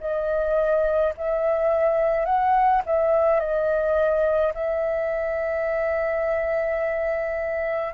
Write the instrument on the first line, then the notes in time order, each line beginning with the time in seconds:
flute
0.00 D#5
1.17 E5
2.25 F#5
2.86 E5
3.40 D#5
4.54 E5